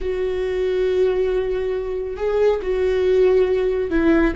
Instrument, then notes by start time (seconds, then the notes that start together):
viola
0.00 F#4
2.17 G#4
2.62 F#4
3.90 E4